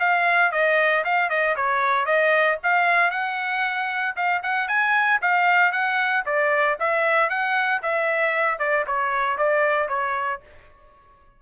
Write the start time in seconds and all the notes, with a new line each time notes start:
0.00 F5
0.52 D#5
1.05 F5
1.30 D#5
1.56 C#5
2.06 D#5
2.63 F5
3.11 F#5
4.16 F5
4.43 F#5
4.68 G#5
5.22 F5
5.72 F#5
6.26 D5
6.80 E5
7.29 F#5
7.83 E5
8.59 D5
8.87 C#5
9.38 D5
9.89 C#5